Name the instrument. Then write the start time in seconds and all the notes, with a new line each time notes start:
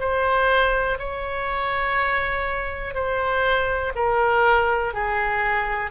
oboe
0.00 C5
0.99 C#5
2.95 C5
3.96 A#4
4.94 G#4